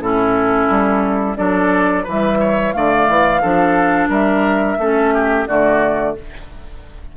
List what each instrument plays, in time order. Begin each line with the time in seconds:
0.00 bassoon A2, clarinet C#4, oboe E4, flute A4
0.70 bassoon G3
1.37 bassoon F#3, clarinet D4, oboe A4, flute D5
2.04 bassoon E3, clarinet G3, oboe B4, flute E5
2.40 oboe C#5
2.72 bassoon D3, clarinet A3, oboe D5, flute F5
3.09 bassoon E3
3.42 bassoon F3, clarinet D4, oboe A4
4.09 bassoon G3, oboe A#4, flute E5
4.79 bassoon A3, clarinet C#4, oboe A4
5.14 oboe G4
5.48 bassoon D3, clarinet A3, oboe F#4, flute D5